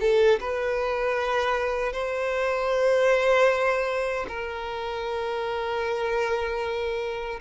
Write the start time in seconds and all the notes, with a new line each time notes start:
0.00 A4
0.40 B4
1.92 C5
4.28 A#4